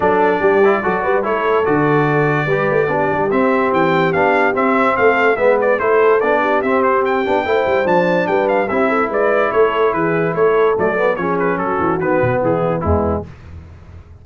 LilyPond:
<<
  \new Staff \with { instrumentName = "trumpet" } { \time 4/4 \tempo 4 = 145 d''2. cis''4 | d''1 | e''4 g''4 f''4 e''4 | f''4 e''8 d''8 c''4 d''4 |
e''8 c''8 g''2 a''4 | g''8 f''8 e''4 d''4 cis''4 | b'4 cis''4 d''4 cis''8 b'8 | a'4 b'4 gis'4 e'4 | }
  \new Staff \with { instrumentName = "horn" } { \time 4/4 a'4 g'4 a'8 b'8 a'4~ | a'2 b'4 g'4~ | g'1 | a'4 b'4 a'4. g'8~ |
g'2 c''2 | b'4 g'8 a'8 b'4 a'4 | gis'4 a'2 gis'4 | fis'2 e'4 b4 | }
  \new Staff \with { instrumentName = "trombone" } { \time 4/4 d'4. e'8 fis'4 e'4 | fis'2 g'4 d'4 | c'2 d'4 c'4~ | c'4 b4 e'4 d'4 |
c'4. d'8 e'4 d'4~ | d'4 e'2.~ | e'2 a8 b8 cis'4~ | cis'4 b2 gis4 | }
  \new Staff \with { instrumentName = "tuba" } { \time 4/4 fis4 g4 fis8 g8 a4 | d2 g8 a8 b8 g8 | c'4 e4 b4 c'4 | a4 gis4 a4 b4 |
c'4. b8 a8 g8 f4 | g4 c'4 gis4 a4 | e4 a4 fis4 f4 | fis8 e8 dis8 b,8 e4 e,4 | }
>>